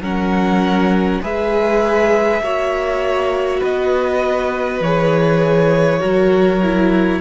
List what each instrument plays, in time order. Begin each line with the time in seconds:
0.00 cello F#3, viola C#4, violin A#4 F#5
1.22 cello G#3, viola G#4, violin B4 E5
2.41 cello A#3, viola F#4, violin C#5
3.60 cello B3, violin B4 D#5
4.80 cello E3, viola G#4, violin C#5
6.00 cello F#3, viola F#4, violin A#4
6.62 viola E4